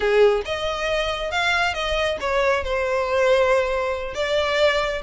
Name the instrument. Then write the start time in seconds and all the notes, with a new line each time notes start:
violin
0.00 G#4
0.45 D#5
1.31 F5
1.74 D#5
2.20 C#5
2.64 C5
4.14 D5